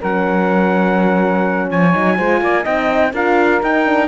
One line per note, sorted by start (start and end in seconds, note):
0.00 1.71 F#3
0.00 1.92 C#4
0.00 1.68 A#4
0.00 1.71 F#5
1.70 1.95 F3
1.70 2.17 C#5
1.70 2.66 G#5
1.92 2.19 F#3
1.92 2.16 D#4
2.16 2.41 G#3
2.16 2.64 F4
2.16 2.41 C5
2.41 2.65 A#3
2.41 2.63 D5
2.63 3.13 C4
2.63 3.13 D#4
2.63 3.11 D#5
2.63 3.14 G5
3.13 3.61 D4
3.13 3.61 F4
3.13 4.08 A#4
3.13 3.63 F5
3.61 3.85 D#4
3.61 4.08 D#4
3.61 4.08 G5
3.86 4.08 D4